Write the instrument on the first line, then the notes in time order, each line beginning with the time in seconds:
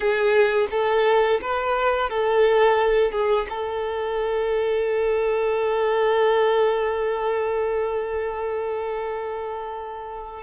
violin
0.00 G#4
0.70 A4
1.41 B4
2.09 A4
3.11 G#4
3.49 A4